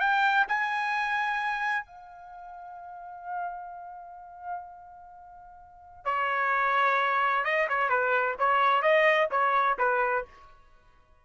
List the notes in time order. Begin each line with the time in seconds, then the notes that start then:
0.00 G5
0.48 G#5
1.86 F5
6.05 C#5
7.44 D#5
7.69 C#5
7.89 B4
8.39 C#5
8.82 D#5
9.31 C#5
9.79 B4